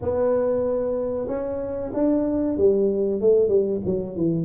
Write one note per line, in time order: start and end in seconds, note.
0.01 1.27 B3
1.27 1.91 C#4
1.93 2.57 D4
2.57 3.20 G3
3.20 3.48 A3
3.48 3.80 G3
3.85 4.15 F#3
4.15 4.45 E3